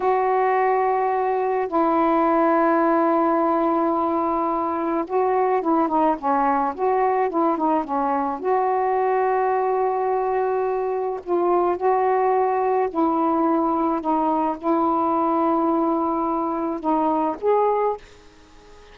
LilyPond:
\new Staff \with { instrumentName = "saxophone" } { \time 4/4 \tempo 4 = 107 fis'2. e'4~ | e'1~ | e'4 fis'4 e'8 dis'8 cis'4 | fis'4 e'8 dis'8 cis'4 fis'4~ |
fis'1 | f'4 fis'2 e'4~ | e'4 dis'4 e'2~ | e'2 dis'4 gis'4 | }